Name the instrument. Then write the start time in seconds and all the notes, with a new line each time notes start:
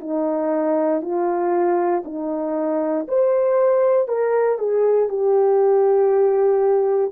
horn
0.00 D#4
1.02 F4
2.05 D#4
3.08 C5
4.08 A#4
4.59 G#4
5.09 G4